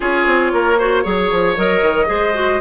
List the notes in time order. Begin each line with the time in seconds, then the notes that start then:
0.00 C#4 F4 G#4 C#5
0.26 C4
0.52 A#3 A#4
0.78 F#4 C5
1.03 F#3 G#4 C#5
1.31 F3
1.56 F#3 A#4 D#5
1.82 D#3
2.06 G#3 G#4 C5
2.34 F#4